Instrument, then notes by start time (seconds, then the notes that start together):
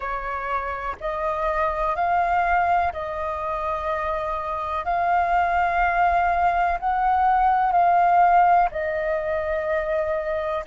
flute
0.00 C#5
1.00 D#5
1.95 F5
2.93 D#5
4.84 F5
6.79 F#5
7.72 F5
8.71 D#5